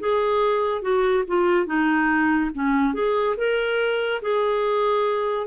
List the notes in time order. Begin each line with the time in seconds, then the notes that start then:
0.00 G#4
0.82 F#4
1.28 F4
1.66 D#4
2.54 C#4
2.94 G#4
3.37 A#4
4.22 G#4